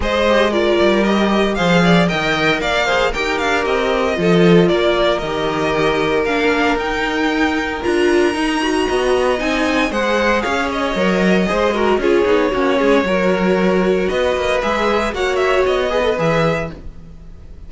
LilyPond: <<
  \new Staff \with { instrumentName = "violin" } { \time 4/4 \tempo 4 = 115 dis''4 d''4 dis''4 f''4 | g''4 f''4 g''8 f''8 dis''4~ | dis''4 d''4 dis''2 | f''4 g''2 ais''4~ |
ais''2 gis''4 fis''4 | f''8 dis''2~ dis''8 cis''4~ | cis''2. dis''4 | e''4 fis''8 e''8 dis''4 e''4 | }
  \new Staff \with { instrumentName = "violin" } { \time 4/4 c''4 ais'2 c''8 d''8 | dis''4 d''8 c''8 ais'2 | a'4 ais'2.~ | ais'1~ |
ais'4 dis''2 c''4 | cis''2 c''8 ais'8 gis'4 | fis'8 gis'8 ais'2 b'4~ | b'4 cis''4. b'4. | }
  \new Staff \with { instrumentName = "viola" } { \time 4/4 gis'8 g'8 f'4 g'4 gis'4 | ais'4. gis'8 g'2 | f'2 g'2 | d'4 dis'2 f'4 |
dis'8 fis'4. dis'4 gis'4~ | gis'4 ais'4 gis'8 fis'8 f'8 dis'8 | cis'4 fis'2. | gis'4 fis'4. gis'16 a'16 gis'4 | }
  \new Staff \with { instrumentName = "cello" } { \time 4/4 gis4. g4. f4 | dis4 ais4 dis'8 d'8 c'4 | f4 ais4 dis2 | ais4 dis'2 d'4 |
dis'4 b4 c'4 gis4 | cis'4 fis4 gis4 cis'8 b8 | ais8 gis8 fis2 b8 ais8 | gis4 ais4 b4 e4 | }
>>